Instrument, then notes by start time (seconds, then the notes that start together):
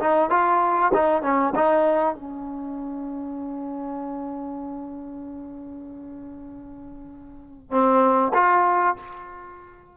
trombone
0.00 D#4
0.30 F4
0.94 D#4
1.23 C#4
1.55 D#4
2.15 C#4
7.71 C4
8.34 F4